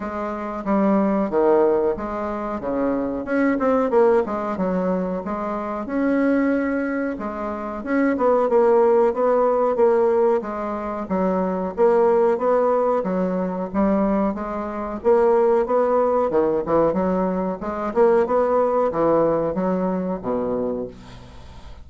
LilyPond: \new Staff \with { instrumentName = "bassoon" } { \time 4/4 \tempo 4 = 92 gis4 g4 dis4 gis4 | cis4 cis'8 c'8 ais8 gis8 fis4 | gis4 cis'2 gis4 | cis'8 b8 ais4 b4 ais4 |
gis4 fis4 ais4 b4 | fis4 g4 gis4 ais4 | b4 dis8 e8 fis4 gis8 ais8 | b4 e4 fis4 b,4 | }